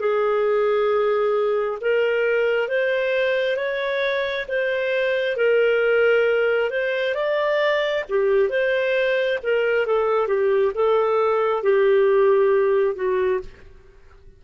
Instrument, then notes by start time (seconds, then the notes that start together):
clarinet
0.00 G#4
1.81 A#4
2.69 C5
3.57 C#5
4.48 C5
5.37 A#4
6.70 C5
7.15 D5
8.09 G4
8.50 C5
9.43 A#4
9.87 A4
10.28 G4
10.75 A4
11.63 G4
12.96 F#4